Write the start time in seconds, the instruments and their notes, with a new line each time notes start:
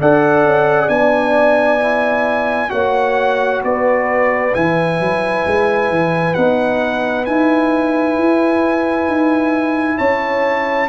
0.00 tuba D4, trombone A4, horn D5, trumpet F#5
0.44 tuba C#4
0.89 tuba B3, trombone D4, trumpet G#5
1.79 trombone E4
2.69 tuba A#3, trombone F#4, horn C#5, trumpet F#5
3.64 tuba B3, horn B4, trumpet D5
4.54 tuba E3, trombone E4, trumpet G#5
5.00 tuba F#3
5.46 tuba G#3
5.90 tuba E3
6.34 tuba B3, trombone D#4, trumpet F#5
7.25 tuba D#4, trombone E4, trumpet G#5
8.18 tuba E4
9.08 tuba D#4
9.98 tuba C#4, horn C#5, trumpet A5